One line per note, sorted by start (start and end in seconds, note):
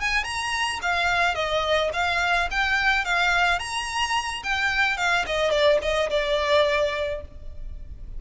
0.00 0.24 G#5
0.24 0.80 A#5
0.82 1.35 F5
1.35 1.90 D#5
1.93 2.48 F5
2.51 3.05 G5
3.05 3.59 F5
3.59 4.42 A#5
4.43 4.97 G5
4.97 5.25 F5
5.26 5.51 D#5
5.51 5.79 D5
5.82 6.09 D#5
6.10 7.21 D5